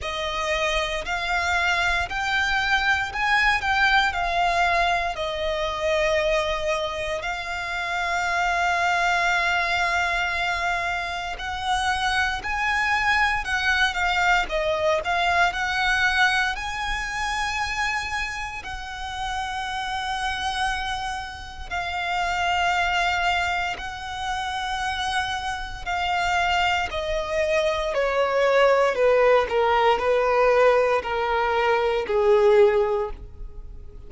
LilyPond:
\new Staff \with { instrumentName = "violin" } { \time 4/4 \tempo 4 = 58 dis''4 f''4 g''4 gis''8 g''8 | f''4 dis''2 f''4~ | f''2. fis''4 | gis''4 fis''8 f''8 dis''8 f''8 fis''4 |
gis''2 fis''2~ | fis''4 f''2 fis''4~ | fis''4 f''4 dis''4 cis''4 | b'8 ais'8 b'4 ais'4 gis'4 | }